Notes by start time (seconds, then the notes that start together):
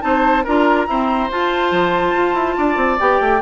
0.00 C4 D#4 C5 A5
0.44 D4 F4 A#4 A#5
0.87 C4 E4 C5
1.30 F4 A5
1.71 F3
2.13 F4
2.33 E4
2.57 D4 D5
2.76 C4
2.99 B3 G4 G5
3.19 A3